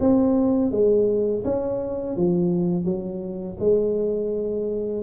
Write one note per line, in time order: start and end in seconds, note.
0.00 0.71 C4
0.71 1.44 G#3
1.45 2.17 C#4
2.17 2.85 F3
2.85 3.58 F#3
3.60 5.03 G#3